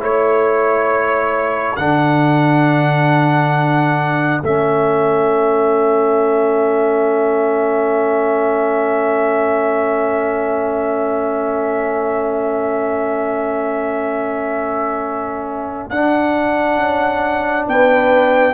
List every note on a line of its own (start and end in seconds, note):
0.00 1.78 A3
0.00 1.76 E4
0.00 1.78 C#5
0.00 1.77 C#5
1.77 4.42 D3
1.77 4.44 D4
1.77 17.66 A4
1.77 4.41 F#5
4.43 15.90 A3
4.43 15.92 C#4
4.43 15.90 E5
15.90 16.78 D4
15.90 18.54 D4
15.90 17.66 F#5
16.78 17.66 C#4
17.68 18.54 B3
17.68 18.54 B4
17.68 18.54 G5